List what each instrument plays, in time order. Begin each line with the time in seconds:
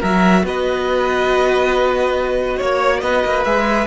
0.00 cello F#3, viola F#4, violin A#4 E5
0.43 cello B3, violin B4 D#5
2.57 cello A#3, violin C#5
3.01 cello B3, violin B4 D#5
3.25 cello A#3
3.45 cello G#3, viola G#4, violin E5